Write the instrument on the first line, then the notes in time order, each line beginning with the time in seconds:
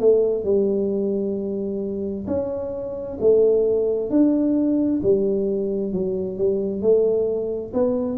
tuba
0.00 A3
0.44 G3
2.27 C#4
3.20 A3
4.10 D4
5.02 G3
5.93 F#3
6.38 G3
6.81 A3
7.73 B3